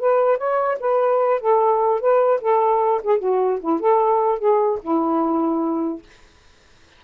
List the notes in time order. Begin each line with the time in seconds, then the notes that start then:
0.00 B4
0.38 C#5
0.80 B4
1.41 A4
2.01 B4
2.41 A4
3.04 G#4
3.19 F#4
3.60 E4
3.80 A4
4.39 G#4
4.82 E4